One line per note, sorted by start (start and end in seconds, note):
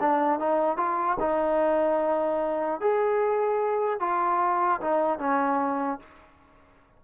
0.00 0.39 D4
0.39 0.77 D#4
0.77 1.17 F4
1.20 2.81 D#4
2.81 4.00 G#4
4.00 4.80 F4
4.81 5.19 D#4
5.19 5.99 C#4